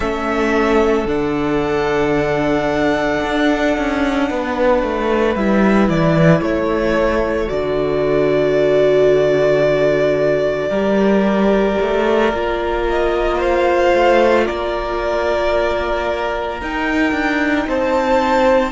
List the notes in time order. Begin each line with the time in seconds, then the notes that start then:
0.00 A3 C#4 A4 E5
1.05 D3 D4 F#5
3.23 D4
3.77 C#4
4.29 B3 B4
4.82 A3
5.35 G3 E4 E5
5.88 E3 D5
6.40 A3 A4 C#5
7.48 D3 F#4 D5
10.69 G3 G4 A#4
11.80 A3
12.32 A#3 F4
12.89 D#5
13.37 C5 F5
13.94 A3
14.45 A#3 A#4 D5
16.60 D#4 G5
17.12 D4
17.66 C4 C5 A5